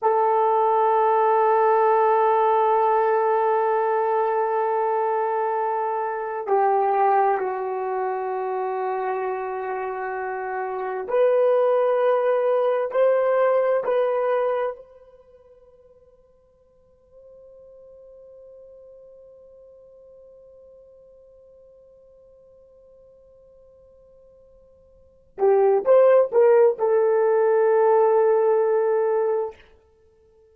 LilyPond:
\new Staff \with { instrumentName = "horn" } { \time 4/4 \tempo 4 = 65 a'1~ | a'2. g'4 | fis'1 | b'2 c''4 b'4 |
c''1~ | c''1~ | c''2.~ c''8 g'8 | c''8 ais'8 a'2. | }